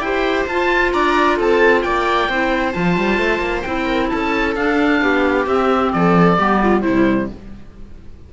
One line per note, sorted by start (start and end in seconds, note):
0.00 0.45 E4
0.00 0.49 G4
0.00 0.94 C5
0.00 0.46 G5
0.48 0.93 F4
0.48 2.31 F4
0.48 0.92 A5
0.92 1.39 D4
0.92 1.36 D5
0.92 1.38 A#5
1.36 1.85 C4
1.36 1.82 A4
1.36 1.82 A5
1.82 2.29 A#3
1.82 2.30 D5
1.82 2.73 G5
2.29 2.75 C4
2.29 2.73 E4
2.29 3.86 C5
2.73 2.98 F3
2.73 3.64 F4
2.73 3.63 A5
2.98 3.18 G3
3.18 3.39 A3
3.39 3.62 A#3
3.63 4.12 C4
3.63 4.56 E4
3.63 4.08 G5
3.86 4.09 A#4
4.09 4.56 C#4
4.09 5.03 A4
4.09 4.55 A5
4.56 5.01 D4
4.56 5.47 D4
4.56 5.47 F5
5.02 5.47 B3
5.02 5.93 G4
5.47 5.92 C4
5.47 6.38 C4
5.47 5.93 E5
5.93 6.39 F3
5.93 6.38 A4
5.93 6.82 D5
6.38 6.84 G3
6.38 6.83 B3
6.38 6.61 G4
6.63 6.83 F4
6.82 7.30 C3
6.82 7.28 E4
6.82 7.27 C5
6.88 7.33 G3